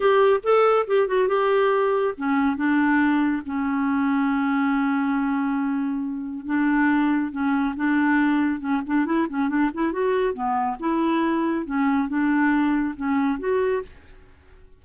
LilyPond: \new Staff \with { instrumentName = "clarinet" } { \time 4/4 \tempo 4 = 139 g'4 a'4 g'8 fis'8 g'4~ | g'4 cis'4 d'2 | cis'1~ | cis'2. d'4~ |
d'4 cis'4 d'2 | cis'8 d'8 e'8 cis'8 d'8 e'8 fis'4 | b4 e'2 cis'4 | d'2 cis'4 fis'4 | }